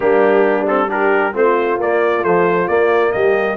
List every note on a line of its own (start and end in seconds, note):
0.00 1.33 G3
0.00 0.66 A#3
0.00 0.88 D4
0.00 0.67 G4
0.66 0.87 C4
0.66 0.89 A4
0.87 1.32 D4
0.87 1.33 G4
0.87 1.35 A#4
1.32 1.78 A3
1.32 1.77 C4
1.32 3.13 F4
1.32 1.81 C5
1.78 2.22 A#3
1.78 2.24 A#3
1.78 2.24 D5
2.22 2.68 F3
2.22 2.67 A3
2.22 2.67 C5
2.67 3.57 A#3
2.67 3.13 A#3
2.67 3.12 D5
3.12 3.57 G3
3.12 3.57 G4
3.12 3.57 D#5